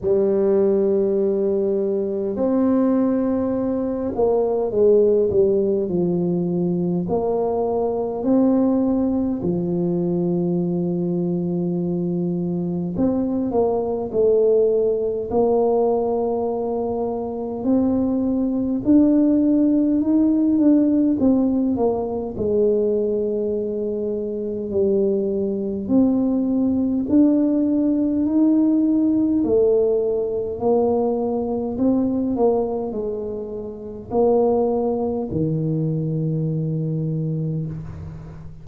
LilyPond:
\new Staff \with { instrumentName = "tuba" } { \time 4/4 \tempo 4 = 51 g2 c'4. ais8 | gis8 g8 f4 ais4 c'4 | f2. c'8 ais8 | a4 ais2 c'4 |
d'4 dis'8 d'8 c'8 ais8 gis4~ | gis4 g4 c'4 d'4 | dis'4 a4 ais4 c'8 ais8 | gis4 ais4 dis2 | }